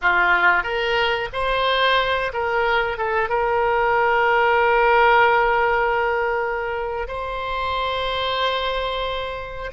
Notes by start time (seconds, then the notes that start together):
0.01 F4
0.63 A#4
1.32 C5
2.33 A#4
2.97 A4
3.29 A#4
7.07 C5